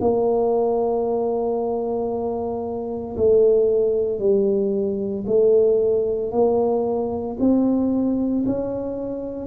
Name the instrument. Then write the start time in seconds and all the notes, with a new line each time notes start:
tuba
0.00 A#3
3.17 A3
4.19 G3
5.27 A3
6.32 A#3
7.39 C4
8.46 C#4